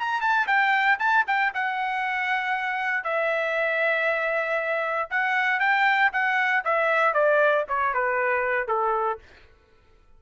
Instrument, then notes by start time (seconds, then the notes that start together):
trumpet
0.00 A#5
0.21 A5
0.47 G5
1.00 A5
1.27 G5
1.55 F#5
3.04 E5
5.10 F#5
5.60 G5
6.13 F#5
6.65 E5
7.14 D5
7.68 C#5
7.94 B4
8.68 A4